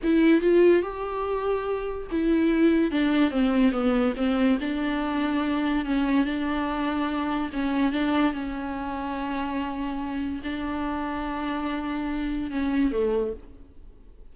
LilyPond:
\new Staff \with { instrumentName = "viola" } { \time 4/4 \tempo 4 = 144 e'4 f'4 g'2~ | g'4 e'2 d'4 | c'4 b4 c'4 d'4~ | d'2 cis'4 d'4~ |
d'2 cis'4 d'4 | cis'1~ | cis'4 d'2.~ | d'2 cis'4 a4 | }